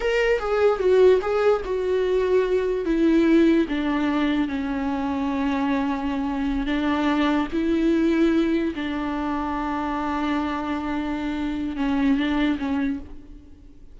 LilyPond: \new Staff \with { instrumentName = "viola" } { \time 4/4 \tempo 4 = 148 ais'4 gis'4 fis'4 gis'4 | fis'2. e'4~ | e'4 d'2 cis'4~ | cis'1~ |
cis'8 d'2 e'4.~ | e'4. d'2~ d'8~ | d'1~ | d'4 cis'4 d'4 cis'4 | }